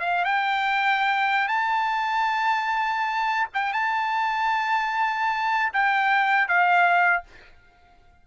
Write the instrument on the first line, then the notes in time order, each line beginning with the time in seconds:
trumpet
0.00 F5
0.25 G5
1.48 A5
3.54 G5
3.73 A5
5.73 G5
6.48 F5